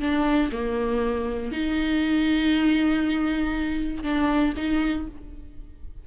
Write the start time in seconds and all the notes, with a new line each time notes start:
0.00 D4
0.52 A#3
1.51 D#4
4.03 D4
4.57 D#4